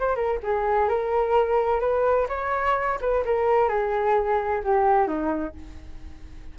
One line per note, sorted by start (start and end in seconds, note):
0.00 0.16 C5
0.16 0.39 A#4
0.43 0.89 G#4
0.89 1.81 A#4
1.81 2.28 B4
2.29 2.99 C#5
3.01 3.25 B4
3.25 3.69 A#4
3.69 4.63 G#4
4.64 5.08 G4
5.08 5.55 D#4